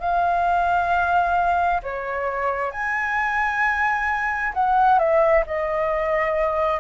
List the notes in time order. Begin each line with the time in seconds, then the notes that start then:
0.00 F5
1.83 C#5
2.71 G#5
4.54 F#5
4.99 E5
5.47 D#5